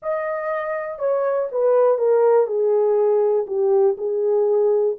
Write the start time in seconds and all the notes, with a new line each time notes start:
0.02 D#5
0.98 C#5
1.51 B4
1.97 A#4
2.47 G#4
3.47 G4
3.97 G#4